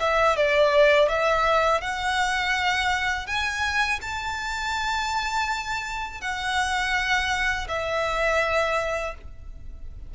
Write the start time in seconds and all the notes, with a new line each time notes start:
0.00 E5
0.37 D5
1.08 E5
1.81 F#5
3.27 G#5
4.02 A5
6.21 F#5
7.68 E5